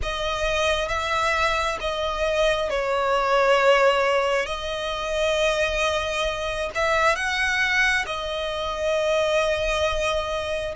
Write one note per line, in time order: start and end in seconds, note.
0.02 0.88 D#5
0.88 1.77 E5
1.80 2.69 D#5
2.69 4.46 C#5
4.46 6.70 D#5
6.74 7.15 E5
7.15 8.05 F#5
8.06 10.75 D#5